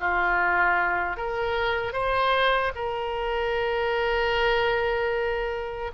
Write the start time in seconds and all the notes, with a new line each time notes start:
0.00 F4
1.17 A#4
1.93 C5
2.75 A#4